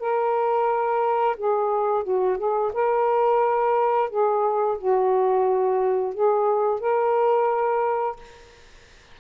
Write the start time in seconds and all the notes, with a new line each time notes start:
0.00 A#4
1.37 G#4
2.04 F#4
2.38 G#4
2.73 A#4
4.10 G#4
4.78 F#4
6.14 G#4
6.80 A#4